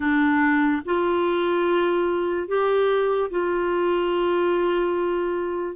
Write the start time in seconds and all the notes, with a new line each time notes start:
0.00 D4
0.85 F4
2.48 G4
3.30 F4